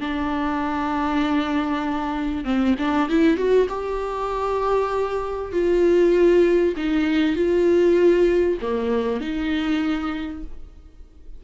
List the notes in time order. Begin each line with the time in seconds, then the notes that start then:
0.00 D4
2.44 C4
2.79 D4
3.09 E4
3.37 F#4
3.69 G4
5.52 F4
6.77 D#4
7.36 F4
8.61 A#3
9.20 D#4